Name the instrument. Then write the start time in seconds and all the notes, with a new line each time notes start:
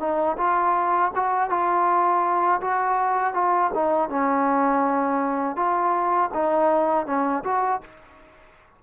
trombone
0.00 D#4
0.38 F4
1.15 F#4
1.50 F4
2.62 F#4
3.34 F4
3.74 D#4
4.10 C#4
5.57 F4
6.34 D#4
7.07 C#4
7.44 F#4